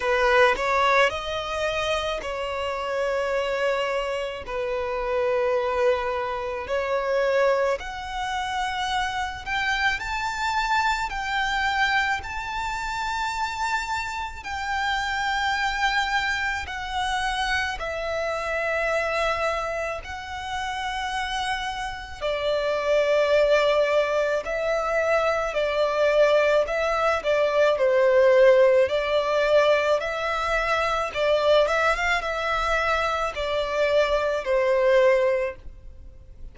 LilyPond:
\new Staff \with { instrumentName = "violin" } { \time 4/4 \tempo 4 = 54 b'8 cis''8 dis''4 cis''2 | b'2 cis''4 fis''4~ | fis''8 g''8 a''4 g''4 a''4~ | a''4 g''2 fis''4 |
e''2 fis''2 | d''2 e''4 d''4 | e''8 d''8 c''4 d''4 e''4 | d''8 e''16 f''16 e''4 d''4 c''4 | }